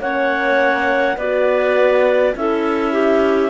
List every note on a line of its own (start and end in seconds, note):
0.00 1.17 A#3
0.00 1.19 C#4
0.00 1.16 C#5
0.00 1.17 F#5
1.16 2.35 B3
1.16 2.36 F#4
1.16 2.34 B4
1.16 2.35 D5
2.35 3.50 C#4
2.35 3.50 E4
2.35 2.92 A4
2.35 3.50 E5
2.92 3.50 G4